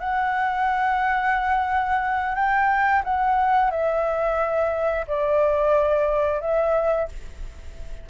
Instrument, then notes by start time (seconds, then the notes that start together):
flute
0.00 F#5
2.35 G5
3.04 F#5
3.71 E5
5.07 D5
6.41 E5